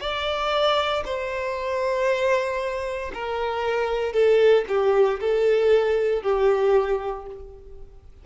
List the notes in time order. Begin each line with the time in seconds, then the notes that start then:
0.00 D5
1.05 C5
3.14 A#4
4.12 A4
4.68 G4
5.20 A4
6.23 G4